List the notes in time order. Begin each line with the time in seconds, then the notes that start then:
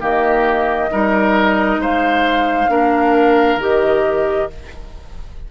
0.00 D#3 A#3 G4 D#5
0.91 G3 D#4 A#4
1.78 G#3 C5 F5
2.69 A#3 D4 A#4
3.57 D#3 G4 D#5